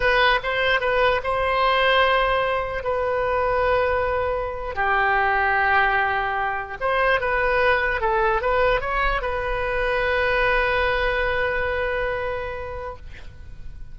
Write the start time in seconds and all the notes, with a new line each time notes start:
0.00 B4
0.43 C5
0.80 B4
1.23 C5
2.83 B4
4.75 G4
6.80 C5
7.20 B4
8.01 A4
8.41 B4
8.80 C#5
9.21 B4